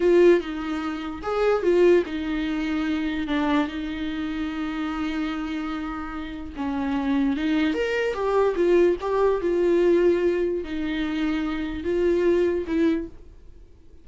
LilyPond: \new Staff \with { instrumentName = "viola" } { \time 4/4 \tempo 4 = 147 f'4 dis'2 gis'4 | f'4 dis'2. | d'4 dis'2.~ | dis'1 |
cis'2 dis'4 ais'4 | g'4 f'4 g'4 f'4~ | f'2 dis'2~ | dis'4 f'2 e'4 | }